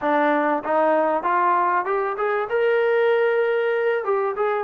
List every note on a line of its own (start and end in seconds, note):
0.01 0.63 D4
0.64 1.23 D#4
1.23 1.85 F4
1.85 2.16 G4
2.16 2.47 G#4
2.49 4.04 A#4
4.04 4.35 G4
4.36 4.64 G#4